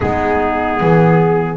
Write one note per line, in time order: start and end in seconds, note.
0.00 0.80 G#3
0.00 1.57 B3
0.00 0.79 D#4
0.00 1.56 G#4
0.80 1.57 E3
0.80 1.57 G#4